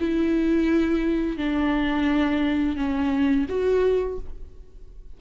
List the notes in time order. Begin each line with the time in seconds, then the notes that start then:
0.00 E4
1.38 D4
2.77 C#4
3.49 F#4